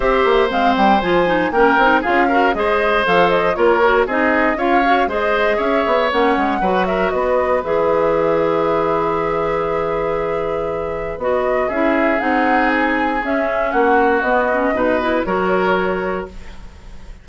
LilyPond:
<<
  \new Staff \with { instrumentName = "flute" } { \time 4/4 \tempo 4 = 118 e''4 f''8 g''8 gis''4 g''4 | f''4 dis''4 f''8 dis''8 cis''4 | dis''4 f''4 dis''4 e''4 | fis''4. e''8 dis''4 e''4~ |
e''1~ | e''2 dis''4 e''4 | fis''4 gis''4 e''4 fis''4 | dis''2 cis''2 | }
  \new Staff \with { instrumentName = "oboe" } { \time 4/4 c''2. ais'4 | gis'8 ais'8 c''2 ais'4 | gis'4 cis''4 c''4 cis''4~ | cis''4 b'8 ais'8 b'2~ |
b'1~ | b'2. gis'4~ | gis'2. fis'4~ | fis'4 b'4 ais'2 | }
  \new Staff \with { instrumentName = "clarinet" } { \time 4/4 g'4 c'4 f'8 dis'8 cis'8 dis'8 | f'8 fis'8 gis'4 a'4 f'8 fis'8 | dis'4 f'8 fis'8 gis'2 | cis'4 fis'2 gis'4~ |
gis'1~ | gis'2 fis'4 e'4 | dis'2 cis'2 | b8 cis'8 dis'8 e'8 fis'2 | }
  \new Staff \with { instrumentName = "bassoon" } { \time 4/4 c'8 ais8 gis8 g8 f4 ais8 c'8 | cis'4 gis4 f4 ais4 | c'4 cis'4 gis4 cis'8 b8 | ais8 gis8 fis4 b4 e4~ |
e1~ | e2 b4 cis'4 | c'2 cis'4 ais4 | b4 b,4 fis2 | }
>>